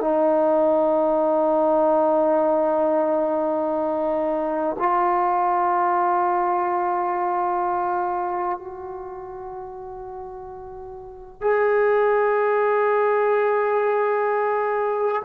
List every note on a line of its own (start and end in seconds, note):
0.00 4.76 D#4
4.78 8.58 F4
8.58 11.41 F#4
11.41 15.22 G#4